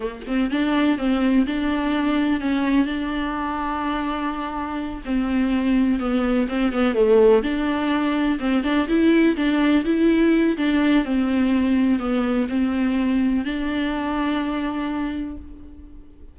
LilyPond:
\new Staff \with { instrumentName = "viola" } { \time 4/4 \tempo 4 = 125 ais8 c'8 d'4 c'4 d'4~ | d'4 cis'4 d'2~ | d'2~ d'8 c'4.~ | c'8 b4 c'8 b8 a4 d'8~ |
d'4. c'8 d'8 e'4 d'8~ | d'8 e'4. d'4 c'4~ | c'4 b4 c'2 | d'1 | }